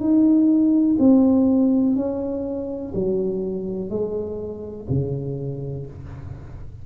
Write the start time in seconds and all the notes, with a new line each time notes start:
0.00 D#4
0.99 C4
1.96 C#4
2.95 F#3
3.90 G#3
4.90 C#3